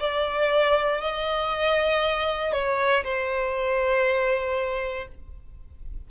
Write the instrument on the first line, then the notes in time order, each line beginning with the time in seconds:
violin
0.00 D5
1.01 D#5
2.53 C#5
3.05 C5